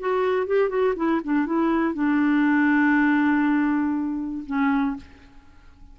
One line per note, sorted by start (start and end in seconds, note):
0.00 0.47 F#4
0.47 0.70 G4
0.70 0.95 F#4
0.96 1.21 E4
1.25 1.47 D4
1.47 1.95 E4
1.95 4.45 D4
4.47 4.97 C#4